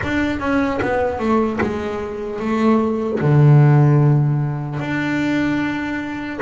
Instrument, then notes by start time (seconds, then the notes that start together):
double bass
0.03 D4
0.39 C#4
0.81 B3
1.19 A3
1.60 G#3
2.39 A3
3.20 D3
4.79 D4